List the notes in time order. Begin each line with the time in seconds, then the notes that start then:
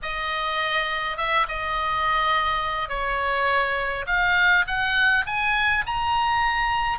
0.02 D#5
1.17 E5
1.48 D#5
2.89 C#5
4.06 F5
4.67 F#5
5.26 G#5
5.86 A#5